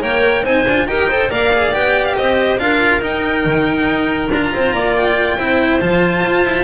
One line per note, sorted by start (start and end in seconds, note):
0.00 0.44 A#3
0.00 0.43 A#4
0.00 0.44 C#5
0.00 0.45 G5
0.44 0.65 C4
0.44 0.67 D#4
0.44 0.87 C5
0.44 0.87 G#5
0.68 0.87 D4
0.68 0.88 F4
0.87 1.29 D#4
0.87 1.10 G4
0.87 1.09 A#4
0.87 1.30 G5
1.09 1.30 A4
1.09 1.31 C5
1.30 1.74 A#3
1.30 1.52 A#4
1.30 2.17 D5
1.30 1.74 F5
1.53 1.72 G#4
1.72 2.17 B3
1.72 2.58 G4
1.72 2.04 G5
2.04 2.15 F5
2.16 2.59 C4
2.16 2.61 C5
2.16 2.59 D#5
2.59 3.02 D4
2.59 3.01 F4
2.59 4.54 A#4
2.59 3.02 F5
3.01 4.29 D#4
3.01 3.45 D#4
3.01 4.32 G5
3.45 3.85 D#3
3.85 4.28 D#4
4.32 4.53 D4
4.32 5.38 F4
4.32 4.96 A#5
4.54 4.73 C4
4.54 4.74 C5
4.73 5.38 A#3
4.73 5.38 D5
4.96 5.80 G5
5.38 5.81 C4
5.38 5.81 E4
5.38 6.64 C5
5.80 6.25 F3
5.80 6.64 F4
5.80 6.64 A5
6.25 6.45 F4
6.45 6.64 E4